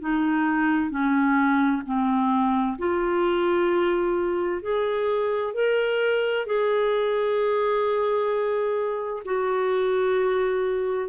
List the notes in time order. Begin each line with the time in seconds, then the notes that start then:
0.00 D#4
0.90 C#4
1.85 C4
2.78 F4
4.62 G#4
5.54 A#4
6.46 G#4
9.25 F#4